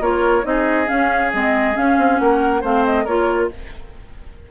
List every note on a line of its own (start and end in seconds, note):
0.00 0.43 A#3
0.00 0.43 F4
0.00 0.44 A#4
0.00 0.45 C#5
0.43 0.88 C4
0.43 0.86 D#4
0.43 0.88 D#5
0.49 2.22 G#4
0.86 1.29 C#4
0.86 1.33 C#4
0.86 1.32 F5
1.33 1.77 G#3
1.33 1.74 C4
1.33 1.76 D#5
1.74 2.61 C#4
1.74 1.98 C#4
1.74 2.18 F5
1.98 2.19 C4
2.18 2.63 A#3
2.18 2.61 A#4
2.18 2.62 F#5
2.61 3.06 A3
2.61 3.07 C4
2.61 3.04 C5
2.61 2.85 F5
2.85 3.06 D#5
3.04 3.50 A#3
3.04 3.51 F4
3.04 3.48 A#4
3.04 3.49 C#5